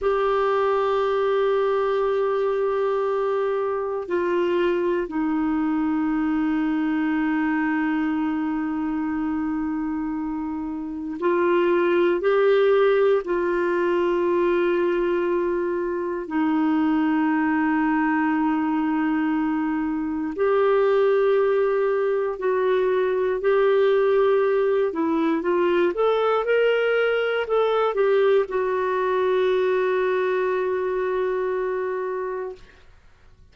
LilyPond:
\new Staff \with { instrumentName = "clarinet" } { \time 4/4 \tempo 4 = 59 g'1 | f'4 dis'2.~ | dis'2. f'4 | g'4 f'2. |
dis'1 | g'2 fis'4 g'4~ | g'8 e'8 f'8 a'8 ais'4 a'8 g'8 | fis'1 | }